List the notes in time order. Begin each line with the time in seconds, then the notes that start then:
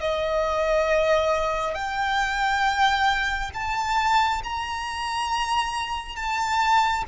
0.00 D#5
1.74 G5
3.53 A5
4.43 A#5
6.15 A5